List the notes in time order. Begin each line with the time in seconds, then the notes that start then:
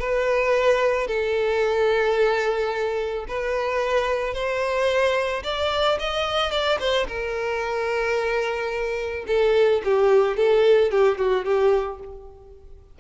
0.00 B4
1.08 A4
3.28 B4
4.34 C5
5.44 D5
6.00 D#5
6.52 D5
6.80 C5
7.07 A#4
9.28 A4
9.85 G4
10.37 A4
10.91 G4
11.18 F#4
11.45 G4